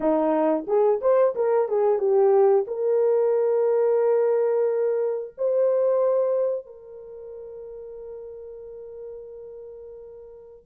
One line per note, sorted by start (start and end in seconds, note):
0.00 0.65 D#4
0.67 1.00 G#4
1.01 1.34 C5
1.35 1.68 A#4
1.68 1.98 G#4
1.98 2.65 G4
2.67 5.33 A#4
5.37 6.65 C5
6.65 10.65 A#4